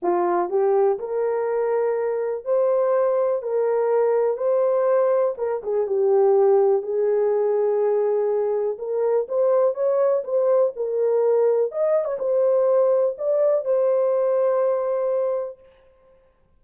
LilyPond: \new Staff \with { instrumentName = "horn" } { \time 4/4 \tempo 4 = 123 f'4 g'4 ais'2~ | ais'4 c''2 ais'4~ | ais'4 c''2 ais'8 gis'8 | g'2 gis'2~ |
gis'2 ais'4 c''4 | cis''4 c''4 ais'2 | dis''8. cis''16 c''2 d''4 | c''1 | }